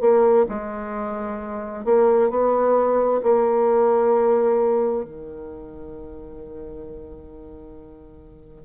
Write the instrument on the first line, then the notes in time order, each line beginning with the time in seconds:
bassoon
0.00 A#3
0.48 G#3
1.85 A#3
2.30 B3
3.23 A#3
5.04 D#3